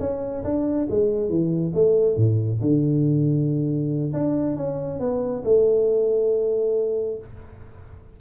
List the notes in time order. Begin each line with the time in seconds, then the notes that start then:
0.00 C#4
0.44 D4
0.90 G#3
1.29 E3
1.74 A3
2.16 A2
2.61 D3
4.13 D4
4.56 C#4
5.00 B3
5.44 A3